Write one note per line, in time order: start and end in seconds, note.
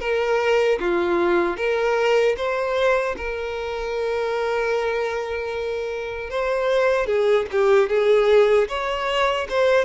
0.00 0.79 A#4
0.80 1.57 F4
1.57 2.36 A#4
2.37 3.16 C5
3.17 6.30 A#4
6.30 7.07 C5
7.07 7.46 G#4
7.52 7.89 G4
7.89 8.68 G#4
8.68 9.47 C#5
9.50 9.85 C5